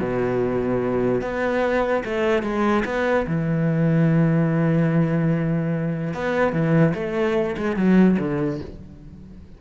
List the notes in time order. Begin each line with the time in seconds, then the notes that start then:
0.00 B2
1.22 B3
2.05 A3
2.43 G#3
2.86 B3
3.27 E3
6.14 B3
6.53 E3
6.95 A3
7.57 G#3
7.77 F#3
8.19 D3